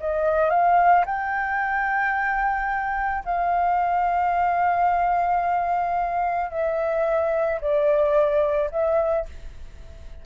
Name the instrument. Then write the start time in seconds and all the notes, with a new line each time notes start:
flute
0.00 D#5
0.50 F5
1.06 G5
3.25 F5
6.50 E5
7.61 D5
8.71 E5